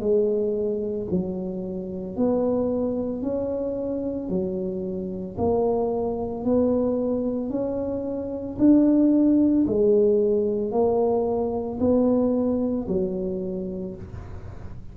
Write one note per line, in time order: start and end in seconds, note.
0.00 1.07 G#3
1.11 2.17 F#3
2.17 3.22 B3
3.22 4.30 C#4
4.30 5.37 F#3
5.38 6.45 A#3
6.45 7.50 B3
7.50 8.57 C#4
8.59 9.66 D4
9.67 10.72 G#3
10.72 11.79 A#3
11.81 12.88 B3
12.88 13.95 F#3